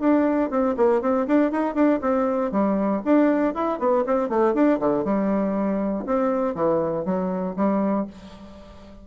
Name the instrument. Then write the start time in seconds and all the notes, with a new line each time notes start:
bassoon
0.00 D4
0.50 C4
0.77 A#3
1.02 C4
1.27 D4
1.52 D#4
1.75 D4
2.01 C4
2.51 G3
3.05 D4
3.55 E4
3.79 B3
4.07 C4
4.29 A3
4.54 D4
4.80 D3
5.04 G3
6.06 C4
6.55 E3
7.05 F#3
7.56 G3